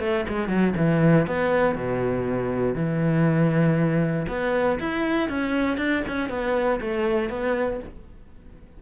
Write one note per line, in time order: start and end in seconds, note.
0.00 0.25 A3
0.29 0.49 G#3
0.49 0.74 F#3
0.77 1.27 E3
1.27 1.76 B3
1.76 2.75 B2
2.75 4.27 E3
4.29 4.79 B3
4.80 5.29 E4
5.29 5.78 C#4
5.78 6.03 D4
6.08 6.30 C#4
6.30 6.80 B3
6.81 7.30 A3
7.30 7.80 B3